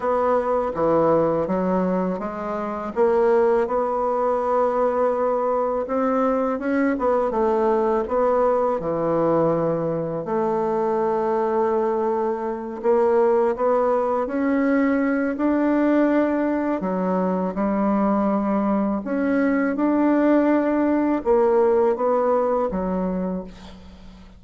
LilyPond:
\new Staff \with { instrumentName = "bassoon" } { \time 4/4 \tempo 4 = 82 b4 e4 fis4 gis4 | ais4 b2. | c'4 cis'8 b8 a4 b4 | e2 a2~ |
a4. ais4 b4 cis'8~ | cis'4 d'2 fis4 | g2 cis'4 d'4~ | d'4 ais4 b4 fis4 | }